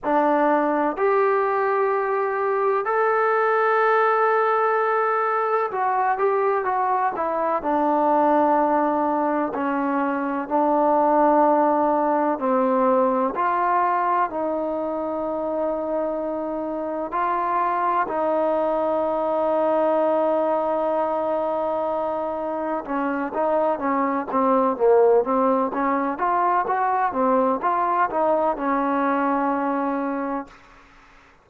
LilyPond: \new Staff \with { instrumentName = "trombone" } { \time 4/4 \tempo 4 = 63 d'4 g'2 a'4~ | a'2 fis'8 g'8 fis'8 e'8 | d'2 cis'4 d'4~ | d'4 c'4 f'4 dis'4~ |
dis'2 f'4 dis'4~ | dis'1 | cis'8 dis'8 cis'8 c'8 ais8 c'8 cis'8 f'8 | fis'8 c'8 f'8 dis'8 cis'2 | }